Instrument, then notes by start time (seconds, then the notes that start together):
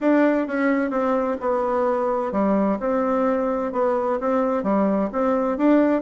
bassoon
0.00 D4
0.47 C#4
0.90 C4
1.40 B3
2.32 G3
2.79 C4
3.72 B3
4.19 C4
4.63 G3
5.12 C4
5.57 D4